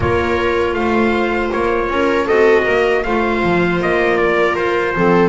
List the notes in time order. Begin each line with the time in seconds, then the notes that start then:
0.00 A#3 F4 A#4 C#5
0.73 A3 C5 F5
1.52 A#3 C#5
1.89 C#4 A#4
2.25 C4 F#4 A4 D#5
2.64 A#3 A#4
3.03 A3 F4 C5 F5
3.43 F3
3.80 A#3 D#5
4.17 A#4 D5
4.55 F4 C5
4.95 F3 C4 A4